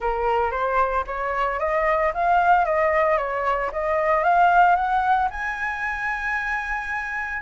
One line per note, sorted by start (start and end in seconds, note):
0.00 0.51 A#4
0.51 1.04 C5
1.06 1.59 C#5
1.59 2.12 D#5
2.14 2.65 F5
2.65 3.17 D#5
3.17 3.70 C#5
3.72 4.23 D#5
4.23 4.75 F5
4.75 5.28 F#5
5.30 7.42 G#5